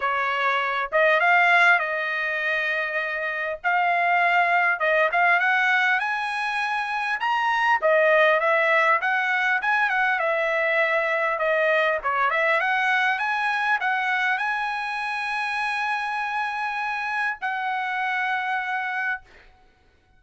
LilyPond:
\new Staff \with { instrumentName = "trumpet" } { \time 4/4 \tempo 4 = 100 cis''4. dis''8 f''4 dis''4~ | dis''2 f''2 | dis''8 f''8 fis''4 gis''2 | ais''4 dis''4 e''4 fis''4 |
gis''8 fis''8 e''2 dis''4 | cis''8 e''8 fis''4 gis''4 fis''4 | gis''1~ | gis''4 fis''2. | }